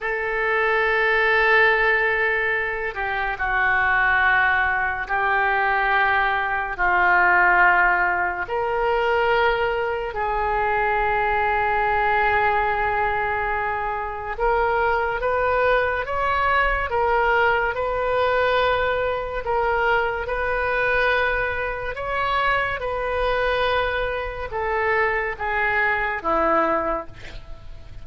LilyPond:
\new Staff \with { instrumentName = "oboe" } { \time 4/4 \tempo 4 = 71 a'2.~ a'8 g'8 | fis'2 g'2 | f'2 ais'2 | gis'1~ |
gis'4 ais'4 b'4 cis''4 | ais'4 b'2 ais'4 | b'2 cis''4 b'4~ | b'4 a'4 gis'4 e'4 | }